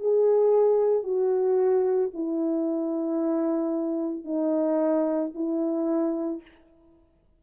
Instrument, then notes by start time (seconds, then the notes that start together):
horn
0.00 G#4
1.04 F#4
2.14 E4
4.25 D#4
5.35 E4